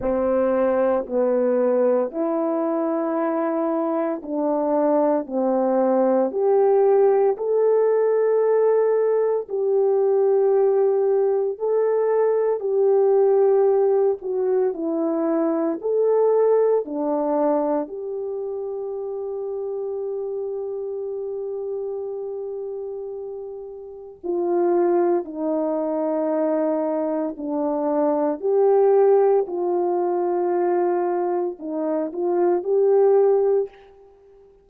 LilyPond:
\new Staff \with { instrumentName = "horn" } { \time 4/4 \tempo 4 = 57 c'4 b4 e'2 | d'4 c'4 g'4 a'4~ | a'4 g'2 a'4 | g'4. fis'8 e'4 a'4 |
d'4 g'2.~ | g'2. f'4 | dis'2 d'4 g'4 | f'2 dis'8 f'8 g'4 | }